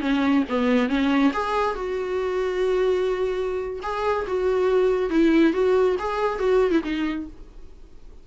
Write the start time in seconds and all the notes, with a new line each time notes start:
0.00 C#4
0.49 B3
0.88 C#4
1.33 G#4
1.75 F#4
3.82 G#4
4.27 F#4
5.10 E4
5.53 F#4
5.99 G#4
6.39 F#4
6.71 E4
6.83 D#4